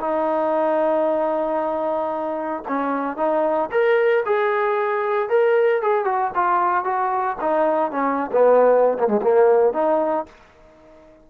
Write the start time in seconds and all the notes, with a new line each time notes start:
0.00 D#4
2.68 C#4
3.17 D#4
3.72 A#4
4.26 G#4
5.29 A#4
5.82 G#4
6.05 F#4
6.35 F4
6.84 F#4
7.41 D#4
7.91 C#4
8.32 B3
8.99 A#3
9.08 G#3
9.22 A#3
9.73 D#4